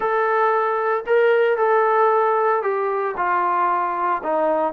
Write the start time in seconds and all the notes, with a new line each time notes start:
0.00 A4
1.06 A#4
1.57 A4
2.62 G4
3.16 F4
4.23 D#4